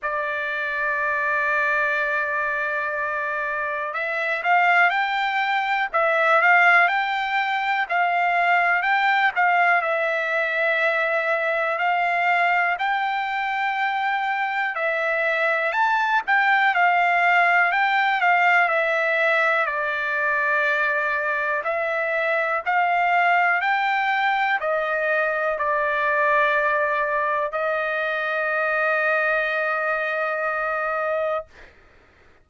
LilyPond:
\new Staff \with { instrumentName = "trumpet" } { \time 4/4 \tempo 4 = 61 d''1 | e''8 f''8 g''4 e''8 f''8 g''4 | f''4 g''8 f''8 e''2 | f''4 g''2 e''4 |
a''8 g''8 f''4 g''8 f''8 e''4 | d''2 e''4 f''4 | g''4 dis''4 d''2 | dis''1 | }